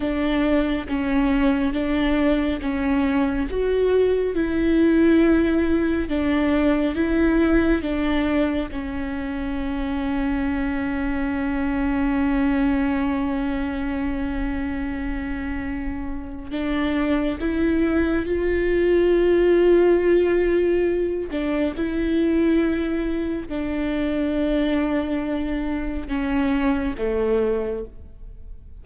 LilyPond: \new Staff \with { instrumentName = "viola" } { \time 4/4 \tempo 4 = 69 d'4 cis'4 d'4 cis'4 | fis'4 e'2 d'4 | e'4 d'4 cis'2~ | cis'1~ |
cis'2. d'4 | e'4 f'2.~ | f'8 d'8 e'2 d'4~ | d'2 cis'4 a4 | }